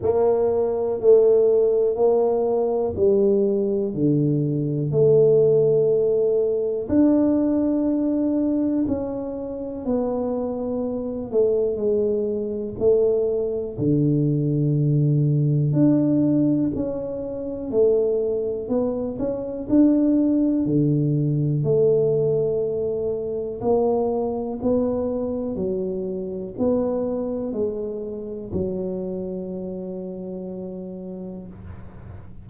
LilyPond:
\new Staff \with { instrumentName = "tuba" } { \time 4/4 \tempo 4 = 61 ais4 a4 ais4 g4 | d4 a2 d'4~ | d'4 cis'4 b4. a8 | gis4 a4 d2 |
d'4 cis'4 a4 b8 cis'8 | d'4 d4 a2 | ais4 b4 fis4 b4 | gis4 fis2. | }